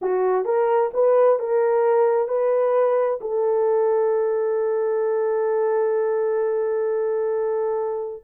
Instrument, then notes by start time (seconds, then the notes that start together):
horn
0.01 F#4
0.45 A#4
0.93 B4
1.39 A#4
2.28 B4
3.20 A4